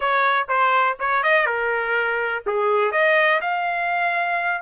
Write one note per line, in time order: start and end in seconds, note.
0.00 0.47 C#5
0.48 0.97 C5
0.99 1.23 C#5
1.23 1.45 D#5
1.45 2.43 A#4
2.46 2.91 G#4
2.91 3.40 D#5
3.41 4.62 F5